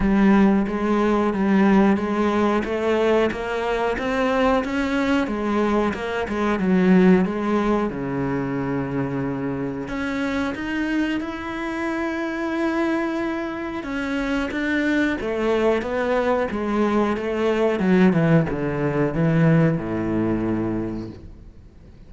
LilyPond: \new Staff \with { instrumentName = "cello" } { \time 4/4 \tempo 4 = 91 g4 gis4 g4 gis4 | a4 ais4 c'4 cis'4 | gis4 ais8 gis8 fis4 gis4 | cis2. cis'4 |
dis'4 e'2.~ | e'4 cis'4 d'4 a4 | b4 gis4 a4 fis8 e8 | d4 e4 a,2 | }